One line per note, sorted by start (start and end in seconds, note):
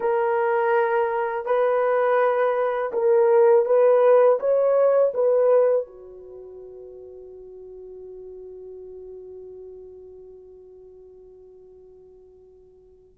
0.00 1.45 A#4
1.45 2.92 B4
2.92 3.65 A#4
3.65 4.38 B4
4.39 5.12 C#5
5.14 5.86 B4
5.86 13.18 F#4